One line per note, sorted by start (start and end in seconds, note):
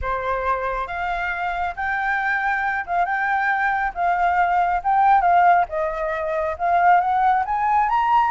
0.01 0.87 C5
0.87 1.74 F5
1.75 2.85 G5
2.86 3.05 F5
3.05 3.92 G5
3.94 4.82 F5
4.83 5.21 G5
5.21 5.65 F5
5.68 6.56 D#5
6.58 7.00 F5
7.00 7.44 F#5
7.45 7.89 G#5
7.89 8.31 A#5